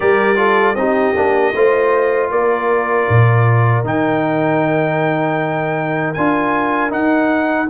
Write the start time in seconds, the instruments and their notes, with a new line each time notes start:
0.00 tuba G3, trombone G4, horn A#4, trumpet D5
0.36 trombone F4, horn A4
0.75 tuba C4, trombone D#4, horn G4, trumpet D#5
1.15 tuba A#3, trombone D4
1.54 tuba A3, trombone F4, horn C5
2.30 tuba A#3, horn A#4, trumpet D5
3.08 tuba A#2
3.84 tuba D#3, trombone D#4, trumpet G5
6.13 tuba D4, trombone F4, trumpet G#5
6.89 trombone D#4, tuba D#4, trumpet F#5